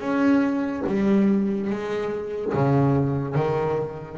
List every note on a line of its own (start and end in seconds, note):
0.00 0.83 C#4
0.86 1.70 G3
1.70 2.53 G#3
2.54 3.34 C#3
3.34 4.18 D#3